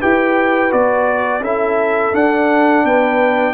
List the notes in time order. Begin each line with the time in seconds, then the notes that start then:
0.00 E4 G4 B4 G5
0.70 B3 F#4 D5
1.40 C#4 E4 A4 E5
2.12 D4 F#5
2.84 B3 B4 G5